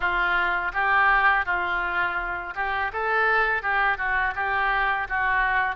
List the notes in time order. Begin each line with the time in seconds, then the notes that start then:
0.00 F4
0.73 G4
1.45 F4
2.55 G4
2.92 A4
3.62 G4
3.97 F#4
4.35 G4
5.09 F#4